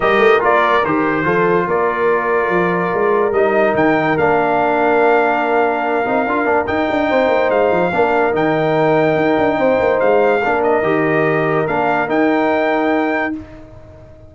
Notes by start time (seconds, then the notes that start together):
0.00 G3 G4 A#4 D#5
0.18 A3
0.39 A#3 F4 D5
0.84 D#3 G4 C5
1.24 F3 F4 A4
1.67 A#3 A#4 D5
2.48 F3
2.93 G#3
3.32 G3 D#4 D#5
3.74 D#3 G5
4.17 A#3 D4 F5
6.05 C4 D#4
6.26 D4 F4
6.44 A#3 D4
6.66 D#4 G5
6.89 D4
7.09 C4 C5
7.28 A#3
7.49 G#3 F5
7.70 F3
7.93 A#3 D4 A#4
8.32 D#3 D#4 G5
9.15 D#4
9.37 D4
9.57 C4 C5
9.79 A#3
10.00 G#3 F5
10.42 A#3 D4 A#4
10.63 D#5
10.82 D#3 G4
11.67 A#3 D4 F5
12.07 D#4 G5